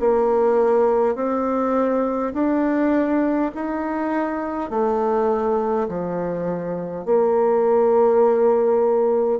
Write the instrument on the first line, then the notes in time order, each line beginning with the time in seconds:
bassoon
0.00 A#3
1.16 C4
2.34 D4
3.55 D#4
4.70 A3
5.89 F3
7.05 A#3